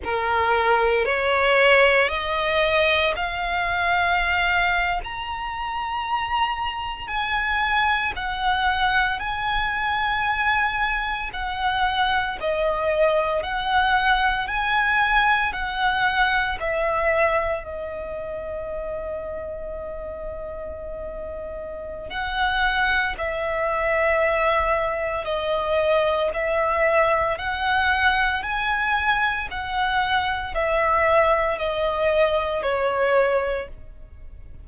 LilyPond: \new Staff \with { instrumentName = "violin" } { \time 4/4 \tempo 4 = 57 ais'4 cis''4 dis''4 f''4~ | f''8. ais''2 gis''4 fis''16~ | fis''8. gis''2 fis''4 dis''16~ | dis''8. fis''4 gis''4 fis''4 e''16~ |
e''8. dis''2.~ dis''16~ | dis''4 fis''4 e''2 | dis''4 e''4 fis''4 gis''4 | fis''4 e''4 dis''4 cis''4 | }